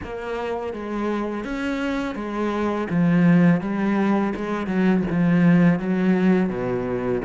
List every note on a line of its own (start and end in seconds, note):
0.03 0.73 A#3
0.73 1.44 G#3
1.44 2.15 C#4
2.15 2.87 G#3
2.89 3.60 F3
3.60 4.33 G3
4.35 4.66 G#3
4.66 5.02 F#3
5.10 5.79 F3
5.79 6.49 F#3
6.49 7.21 B2